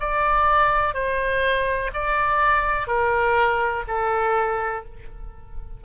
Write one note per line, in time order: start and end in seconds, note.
0.00 0.94 D5
0.94 1.91 C5
1.94 2.87 D5
2.87 3.84 A#4
3.88 4.85 A4